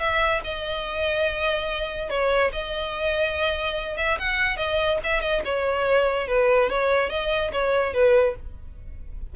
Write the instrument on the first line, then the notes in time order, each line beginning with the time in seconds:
violin
0.00 E5
0.44 D#5
2.10 C#5
2.53 D#5
3.98 E5
4.19 F#5
4.57 D#5
5.04 E5
5.21 D#5
5.45 C#5
6.28 B4
6.70 C#5
7.10 D#5
7.52 C#5
7.94 B4